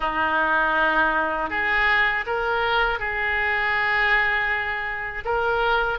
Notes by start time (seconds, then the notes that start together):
0.00 D#4
1.50 G#4
2.26 A#4
2.99 G#4
5.25 A#4